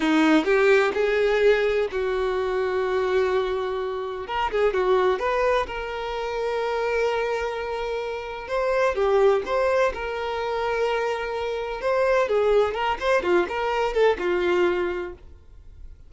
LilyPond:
\new Staff \with { instrumentName = "violin" } { \time 4/4 \tempo 4 = 127 dis'4 g'4 gis'2 | fis'1~ | fis'4 ais'8 gis'8 fis'4 b'4 | ais'1~ |
ais'2 c''4 g'4 | c''4 ais'2.~ | ais'4 c''4 gis'4 ais'8 c''8 | f'8 ais'4 a'8 f'2 | }